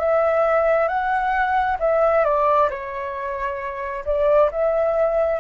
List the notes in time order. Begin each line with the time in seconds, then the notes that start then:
0.00 E5
0.88 F#5
1.80 E5
2.24 D5
2.70 C#5
4.06 D5
4.51 E5